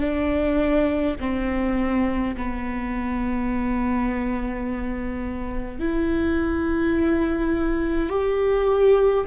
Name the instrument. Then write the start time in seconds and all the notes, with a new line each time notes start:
viola
0.00 D4
1.20 C4
2.37 B3
5.79 E4
8.09 G4